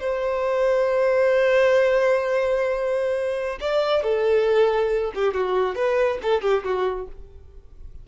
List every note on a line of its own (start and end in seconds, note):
0.00 3.59 C5
3.60 4.03 D5
4.03 5.12 A4
5.15 5.34 G4
5.34 5.75 F#4
5.75 6.19 B4
6.22 6.42 A4
6.42 6.63 G4
6.64 7.08 F#4